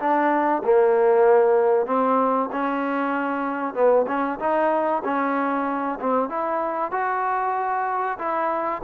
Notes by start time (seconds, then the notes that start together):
0.00 D4
0.64 A#3
1.87 C4
2.53 C#4
3.75 B3
4.08 C#4
4.40 D#4
5.05 C#4
6.01 C4
6.30 E4
6.92 F#4
8.19 E4